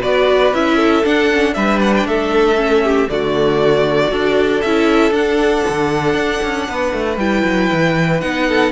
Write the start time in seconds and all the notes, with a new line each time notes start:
0.00 B3 F#4 B4 D5
0.53 C#4 E4 E5
0.77 A4
1.04 D4 F#5
1.33 C#4
1.54 G3 D4 B4 E5
1.81 F#5
1.97 G5
2.05 A3 A4 E5
2.56 C#4
2.84 G4
3.09 D3 A3 F#4 D5
4.08 D4 F#4 A4
4.62 C#4 E4 E5
5.11 D4 F#5
5.69 D3
6.14 D4
6.43 C#4
6.69 B3 B4
6.93 A3
7.17 G3 E4 G5
7.45 F#3
7.73 E3
8.21 B3 D#4 F#5
8.49 A4